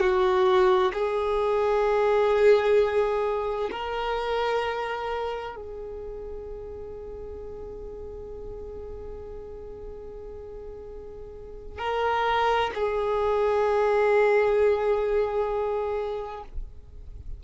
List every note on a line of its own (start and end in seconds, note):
0.00 0.92 F#4
0.94 3.70 G#4
3.71 5.56 A#4
5.56 11.79 G#4
11.79 12.71 A#4
12.75 16.44 G#4